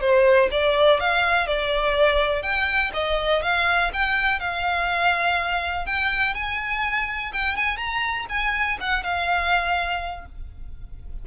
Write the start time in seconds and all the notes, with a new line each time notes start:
0.00 C5
0.51 D5
1.00 F5
1.46 D5
2.42 G5
2.93 D#5
3.42 F5
3.93 G5
4.39 F5
5.86 G5
6.34 G#5
7.33 G5
7.56 G#5
7.77 A#5
8.29 G#5
8.80 F#5
9.03 F5